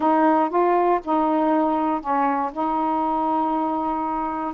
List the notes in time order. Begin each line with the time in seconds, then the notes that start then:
0.00 D#4
0.49 F4
1.04 D#4
2.00 C#4
2.52 D#4